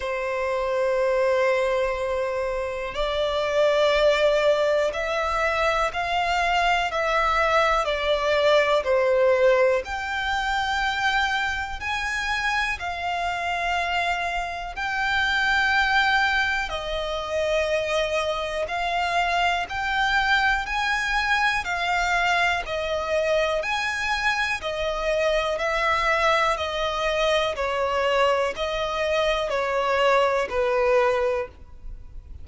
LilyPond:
\new Staff \with { instrumentName = "violin" } { \time 4/4 \tempo 4 = 61 c''2. d''4~ | d''4 e''4 f''4 e''4 | d''4 c''4 g''2 | gis''4 f''2 g''4~ |
g''4 dis''2 f''4 | g''4 gis''4 f''4 dis''4 | gis''4 dis''4 e''4 dis''4 | cis''4 dis''4 cis''4 b'4 | }